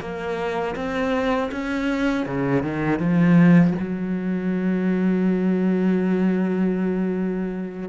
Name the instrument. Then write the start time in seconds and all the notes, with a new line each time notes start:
cello
0.00 A#3
0.75 C4
1.51 C#4
2.26 C#3
2.63 D#3
2.99 F3
3.79 F#3